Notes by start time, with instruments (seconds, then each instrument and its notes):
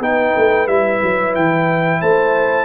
0.00 tuba B3, trombone D#4, horn B4, trumpet G5
0.37 tuba A3
0.67 tuba G3, trombone E4, trumpet E5
1.02 tuba F#3
1.35 tuba E3, trumpet G5
2.00 tuba A3, horn C5, trumpet A5